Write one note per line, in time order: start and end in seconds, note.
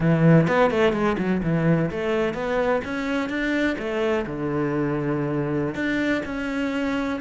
0.00 0.47 E3
0.47 0.70 B3
0.70 0.92 A3
0.92 1.16 G#3
1.17 1.41 F#3
1.43 1.90 E3
1.90 2.33 A3
2.33 2.81 B3
2.84 3.29 C#4
3.29 3.76 D4
3.78 4.25 A3
4.26 5.74 D3
5.74 6.21 D4
6.25 7.19 C#4